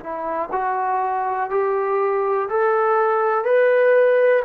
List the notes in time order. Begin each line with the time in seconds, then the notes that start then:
0.00 E4
0.52 F#4
1.50 G4
2.49 A4
3.45 B4